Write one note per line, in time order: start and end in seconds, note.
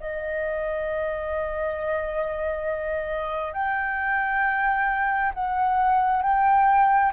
0.00 3.53 D#5
3.53 5.32 G5
5.34 6.22 F#5
6.22 7.12 G5